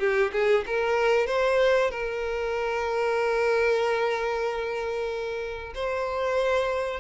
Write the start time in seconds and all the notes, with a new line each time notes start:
0.00 G4
0.33 G#4
0.67 A#4
1.27 C5
1.91 A#4
5.75 C5